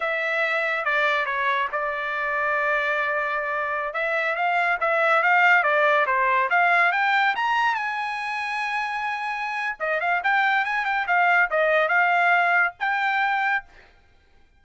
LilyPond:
\new Staff \with { instrumentName = "trumpet" } { \time 4/4 \tempo 4 = 141 e''2 d''4 cis''4 | d''1~ | d''4~ d''16 e''4 f''4 e''8.~ | e''16 f''4 d''4 c''4 f''8.~ |
f''16 g''4 ais''4 gis''4.~ gis''16~ | gis''2. dis''8 f''8 | g''4 gis''8 g''8 f''4 dis''4 | f''2 g''2 | }